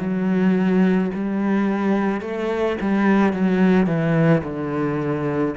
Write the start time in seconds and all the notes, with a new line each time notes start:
0.00 F#3
1.15 G3
2.21 A3
2.81 G3
3.33 F#3
3.87 E3
4.44 D3